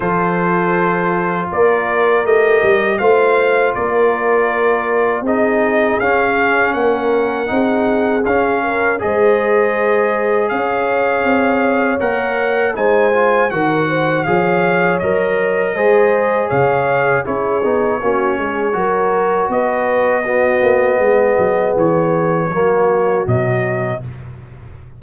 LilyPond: <<
  \new Staff \with { instrumentName = "trumpet" } { \time 4/4 \tempo 4 = 80 c''2 d''4 dis''4 | f''4 d''2 dis''4 | f''4 fis''2 f''4 | dis''2 f''2 |
fis''4 gis''4 fis''4 f''4 | dis''2 f''4 cis''4~ | cis''2 dis''2~ | dis''4 cis''2 dis''4 | }
  \new Staff \with { instrumentName = "horn" } { \time 4/4 a'2 ais'2 | c''4 ais'2 gis'4~ | gis'4 ais'4 gis'4. ais'8 | c''2 cis''2~ |
cis''4 c''4 ais'8 c''8 cis''4~ | cis''4 c''4 cis''4 gis'4 | fis'8 gis'8 ais'4 b'4 fis'4 | gis'2 fis'2 | }
  \new Staff \with { instrumentName = "trombone" } { \time 4/4 f'2. g'4 | f'2. dis'4 | cis'2 dis'4 cis'4 | gis'1 |
ais'4 dis'8 f'8 fis'4 gis'4 | ais'4 gis'2 e'8 dis'8 | cis'4 fis'2 b4~ | b2 ais4 fis4 | }
  \new Staff \with { instrumentName = "tuba" } { \time 4/4 f2 ais4 a8 g8 | a4 ais2 c'4 | cis'4 ais4 c'4 cis'4 | gis2 cis'4 c'4 |
ais4 gis4 dis4 f4 | fis4 gis4 cis4 cis'8 b8 | ais8 gis8 fis4 b4. ais8 | gis8 fis8 e4 fis4 b,4 | }
>>